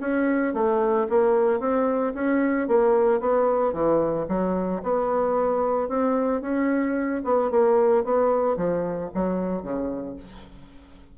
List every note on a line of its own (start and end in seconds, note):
0.00 0.53 C#4
0.53 1.07 A3
1.09 1.59 A#3
1.59 2.13 C4
2.14 2.67 C#4
2.67 3.20 A#3
3.20 3.73 B3
3.73 4.26 E3
4.28 4.82 F#3
4.83 5.88 B3
5.88 6.41 C4
6.41 7.22 C#4
7.24 7.50 B3
7.50 8.04 A#3
8.04 8.56 B3
8.56 9.10 F3
9.14 9.62 F#3
9.62 10.16 C#3